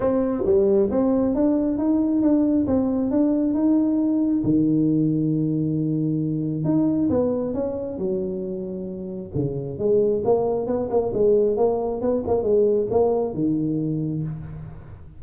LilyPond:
\new Staff \with { instrumentName = "tuba" } { \time 4/4 \tempo 4 = 135 c'4 g4 c'4 d'4 | dis'4 d'4 c'4 d'4 | dis'2 dis2~ | dis2. dis'4 |
b4 cis'4 fis2~ | fis4 cis4 gis4 ais4 | b8 ais8 gis4 ais4 b8 ais8 | gis4 ais4 dis2 | }